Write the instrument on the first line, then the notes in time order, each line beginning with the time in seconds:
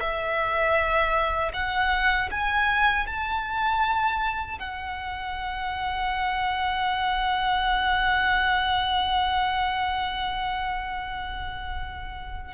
violin
0.00 E5
1.53 F#5
2.31 G#5
3.07 A5
4.59 F#5